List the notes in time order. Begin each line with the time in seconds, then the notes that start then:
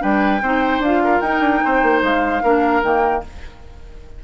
0.00 G3 D4 B4 G5
0.42 C4 D#4 C5
0.79 D4 F4 F5
1.04 A#4
1.21 D#4 G5
1.40 D4
1.64 C4 C5
1.83 A#3
2.02 G#3 F5
2.43 A#3 D4 A#4
2.83 D#3 A#3 G5